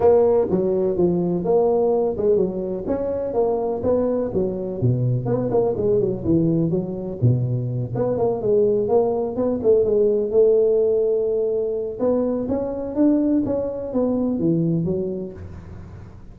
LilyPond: \new Staff \with { instrumentName = "tuba" } { \time 4/4 \tempo 4 = 125 ais4 fis4 f4 ais4~ | ais8 gis8 fis4 cis'4 ais4 | b4 fis4 b,4 b8 ais8 | gis8 fis8 e4 fis4 b,4~ |
b,8 b8 ais8 gis4 ais4 b8 | a8 gis4 a2~ a8~ | a4 b4 cis'4 d'4 | cis'4 b4 e4 fis4 | }